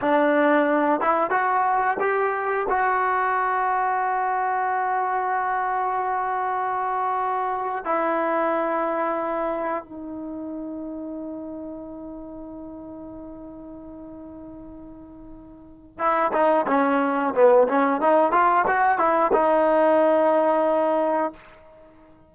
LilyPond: \new Staff \with { instrumentName = "trombone" } { \time 4/4 \tempo 4 = 90 d'4. e'8 fis'4 g'4 | fis'1~ | fis'2.~ fis'8. e'16~ | e'2~ e'8. dis'4~ dis'16~ |
dis'1~ | dis'1 | e'8 dis'8 cis'4 b8 cis'8 dis'8 f'8 | fis'8 e'8 dis'2. | }